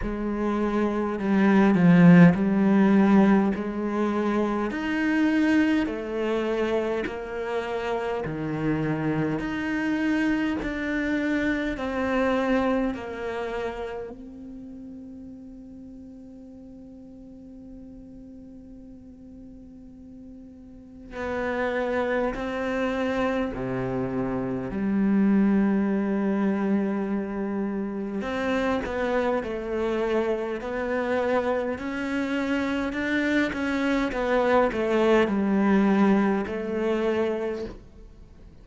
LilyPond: \new Staff \with { instrumentName = "cello" } { \time 4/4 \tempo 4 = 51 gis4 g8 f8 g4 gis4 | dis'4 a4 ais4 dis4 | dis'4 d'4 c'4 ais4 | c'1~ |
c'2 b4 c'4 | c4 g2. | c'8 b8 a4 b4 cis'4 | d'8 cis'8 b8 a8 g4 a4 | }